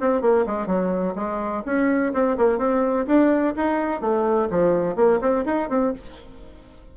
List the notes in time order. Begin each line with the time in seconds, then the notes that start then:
0.00 C4
0.21 A#3
0.46 G#3
0.66 F#3
1.15 G#3
1.65 C#4
2.13 C4
2.37 A#3
2.58 C4
3.06 D4
3.56 D#4
4.00 A3
4.50 F3
4.96 A#3
5.21 C4
5.45 D#4
5.69 C4